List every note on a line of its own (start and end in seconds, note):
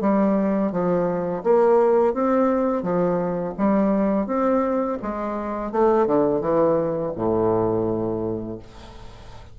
0.00 0.71 G3
0.71 1.43 F3
1.43 2.14 A#3
2.14 2.82 C4
2.82 3.54 F3
3.57 4.26 G3
4.26 4.98 C4
5.02 5.72 G#3
5.72 6.06 A3
6.06 6.41 D3
6.41 7.12 E3
7.16 8.58 A2